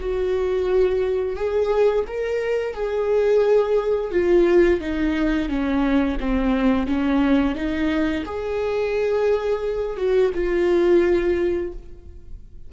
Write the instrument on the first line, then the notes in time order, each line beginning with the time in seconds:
viola
0.00 F#4
1.36 G#4
2.07 A#4
2.74 G#4
4.11 F4
4.80 D#4
5.49 C#4
6.20 C4
6.87 C#4
7.55 D#4
8.25 G#4
9.97 F#4
10.34 F4